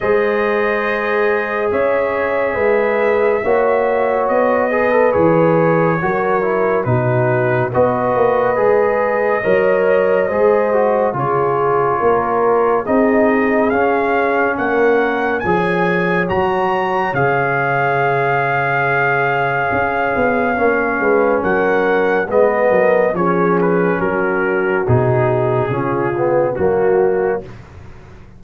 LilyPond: <<
  \new Staff \with { instrumentName = "trumpet" } { \time 4/4 \tempo 4 = 70 dis''2 e''2~ | e''4 dis''4 cis''2 | b'4 dis''2.~ | dis''4 cis''2 dis''4 |
f''4 fis''4 gis''4 ais''4 | f''1~ | f''4 fis''4 dis''4 cis''8 b'8 | ais'4 gis'2 fis'4 | }
  \new Staff \with { instrumentName = "horn" } { \time 4/4 c''2 cis''4 b'4 | cis''4. b'4. ais'4 | fis'4 b'2 cis''4 | c''4 gis'4 ais'4 gis'4~ |
gis'4 ais'4 cis''2~ | cis''1~ | cis''8 b'8 ais'4 b'8 ais'8 gis'4 | fis'2 f'4 fis'4 | }
  \new Staff \with { instrumentName = "trombone" } { \time 4/4 gis'1 | fis'4. gis'16 a'16 gis'4 fis'8 e'8 | dis'4 fis'4 gis'4 ais'4 | gis'8 fis'8 f'2 dis'4 |
cis'2 gis'4 fis'4 | gis'1 | cis'2 b4 cis'4~ | cis'4 dis'4 cis'8 b8 ais4 | }
  \new Staff \with { instrumentName = "tuba" } { \time 4/4 gis2 cis'4 gis4 | ais4 b4 e4 fis4 | b,4 b8 ais8 gis4 fis4 | gis4 cis4 ais4 c'4 |
cis'4 ais4 f4 fis4 | cis2. cis'8 b8 | ais8 gis8 fis4 gis8 fis8 f4 | fis4 b,4 cis4 fis4 | }
>>